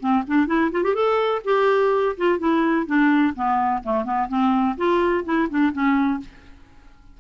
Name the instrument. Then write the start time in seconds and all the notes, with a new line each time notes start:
clarinet
0.00 C4
0.27 D4
0.47 E4
0.72 F4
0.83 G4
0.94 A4
1.45 G4
2.17 F4
2.39 E4
2.87 D4
3.35 B3
3.83 A3
4.05 B3
4.28 C4
4.77 F4
5.25 E4
5.50 D4
5.73 C#4